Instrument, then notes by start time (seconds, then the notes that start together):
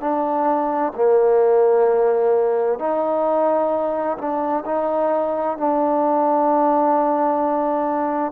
trombone
0.00 D4
0.95 A#3
2.79 D#4
4.17 D4
4.65 D#4
5.57 D4